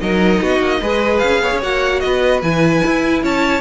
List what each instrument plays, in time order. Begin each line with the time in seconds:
0.00 cello F#3, viola D#4, violin A#4 D#5
0.41 cello B3, violin F#4
0.60 cello A#3
0.80 cello G#3, viola G#4, violin B4
1.18 cello C#4, violin F5
1.41 cello B3, violin C#5
1.52 cello C#4
1.62 cello A#3, viola F#4, violin F#5
2.00 cello B3, violin B4 D#5
2.41 cello E3, viola E4, violin G#5
2.85 cello E4
3.22 cello C#4, violin C#5 A5